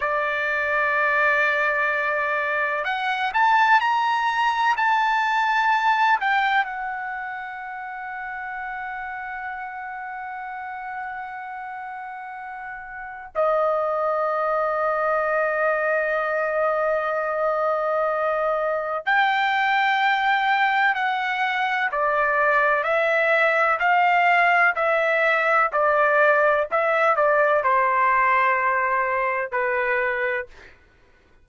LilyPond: \new Staff \with { instrumentName = "trumpet" } { \time 4/4 \tempo 4 = 63 d''2. fis''8 a''8 | ais''4 a''4. g''8 fis''4~ | fis''1~ | fis''2 dis''2~ |
dis''1 | g''2 fis''4 d''4 | e''4 f''4 e''4 d''4 | e''8 d''8 c''2 b'4 | }